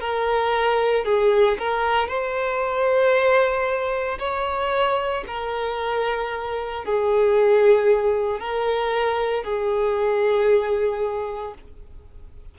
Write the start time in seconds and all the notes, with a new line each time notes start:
0.00 A#4
1.05 G#4
1.59 A#4
2.08 C5
4.19 C#5
5.27 A#4
6.85 G#4
8.40 A#4
9.44 G#4